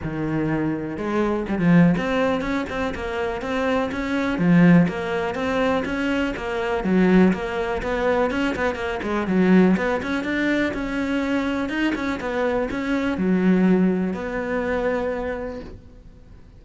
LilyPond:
\new Staff \with { instrumentName = "cello" } { \time 4/4 \tempo 4 = 123 dis2 gis4 g16 f8. | c'4 cis'8 c'8 ais4 c'4 | cis'4 f4 ais4 c'4 | cis'4 ais4 fis4 ais4 |
b4 cis'8 b8 ais8 gis8 fis4 | b8 cis'8 d'4 cis'2 | dis'8 cis'8 b4 cis'4 fis4~ | fis4 b2. | }